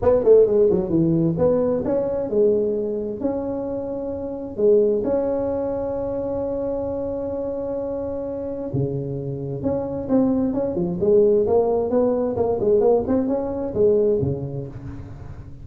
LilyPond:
\new Staff \with { instrumentName = "tuba" } { \time 4/4 \tempo 4 = 131 b8 a8 gis8 fis8 e4 b4 | cis'4 gis2 cis'4~ | cis'2 gis4 cis'4~ | cis'1~ |
cis'2. cis4~ | cis4 cis'4 c'4 cis'8 f8 | gis4 ais4 b4 ais8 gis8 | ais8 c'8 cis'4 gis4 cis4 | }